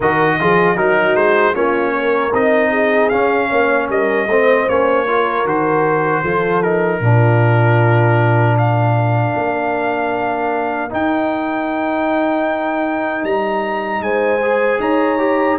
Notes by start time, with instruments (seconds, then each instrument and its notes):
0.00 tuba D#3, trombone F#4, horn A#4, trumpet D#5
0.40 tuba F3, trombone F4, horn G#4
0.76 tuba F#3, trombone D#4, horn F#4, trumpet A#4
1.14 tuba G#3, trumpet C5
1.54 tuba A#3, trombone C#4, horn F4, trumpet C#5
1.96 horn A#4
2.33 tuba C4, trombone D#4, trumpet D#5
2.69 horn G#4
3.09 trombone C#4, tuba C#4, trumpet F5
3.49 tuba A#3, horn C#5
3.89 tuba G3, horn A#4, trumpet D#5
4.27 tuba A3, trombone C4, horn C5
4.68 tuba A#3, trombone C#4, trumpet C#5
5.06 trombone F4, horn A#4
5.44 tuba D#3, trombone F#4, trumpet C5
6.22 tuba F3, trombone F4, horn A4
6.62 trombone D#4, trumpet A#4
7.00 tuba A#2, trombone D4, horn F4
8.57 horn A#4, trumpet F5
9.36 tuba A#3
10.90 trombone D#4, tuba D#4, trumpet G5
13.23 tuba G3, trumpet A#5
14.00 tuba G#3, horn C5, trumpet G#5
14.42 trombone G#4
14.79 tuba D#4, horn C#5, trumpet A#5
15.18 trombone G4